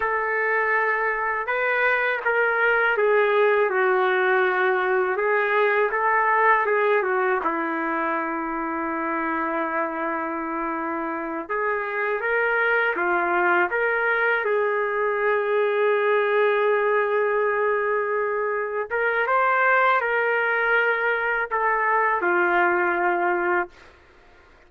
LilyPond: \new Staff \with { instrumentName = "trumpet" } { \time 4/4 \tempo 4 = 81 a'2 b'4 ais'4 | gis'4 fis'2 gis'4 | a'4 gis'8 fis'8 e'2~ | e'2.~ e'8 gis'8~ |
gis'8 ais'4 f'4 ais'4 gis'8~ | gis'1~ | gis'4. ais'8 c''4 ais'4~ | ais'4 a'4 f'2 | }